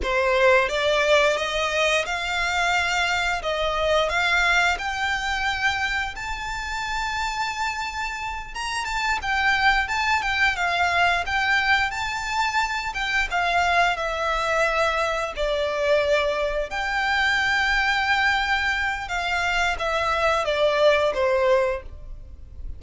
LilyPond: \new Staff \with { instrumentName = "violin" } { \time 4/4 \tempo 4 = 88 c''4 d''4 dis''4 f''4~ | f''4 dis''4 f''4 g''4~ | g''4 a''2.~ | a''8 ais''8 a''8 g''4 a''8 g''8 f''8~ |
f''8 g''4 a''4. g''8 f''8~ | f''8 e''2 d''4.~ | d''8 g''2.~ g''8 | f''4 e''4 d''4 c''4 | }